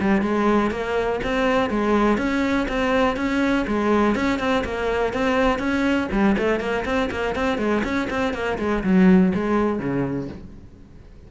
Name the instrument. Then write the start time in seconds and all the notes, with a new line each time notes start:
cello
0.00 G3
0.21 G#3
0.71 A#3
1.23 C4
1.69 G#3
2.18 C#4
2.68 C4
3.16 C#4
3.67 G#3
4.15 C#4
4.39 C4
4.64 A#3
5.13 C4
5.59 C#4
6.11 G3
6.38 A3
6.60 A#3
6.85 C4
7.10 A#3
7.35 C4
7.58 G#3
7.84 C#4
8.10 C4
8.33 A#3
8.58 G#3
8.83 F#3
9.34 G#3
9.79 C#3